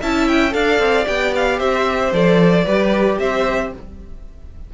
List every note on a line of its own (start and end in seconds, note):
0.00 0.54 C#4
0.00 0.51 E4
0.00 0.53 E5
0.00 0.28 A5
0.28 0.54 G5
0.51 0.79 D4
0.51 1.04 A4
0.51 1.59 D5
0.51 1.07 F5
0.79 1.05 C4
1.06 1.60 B3
1.06 2.12 G4
1.06 1.34 G5
1.35 1.59 F5
1.59 2.12 C4
1.59 2.65 C5
1.59 2.12 E5
2.12 2.65 F3
2.12 2.65 A4
2.12 3.19 D5
2.65 3.19 G3
2.65 3.72 G4
2.65 3.18 B4
3.19 3.72 C4
3.19 3.74 C5
3.19 3.72 E5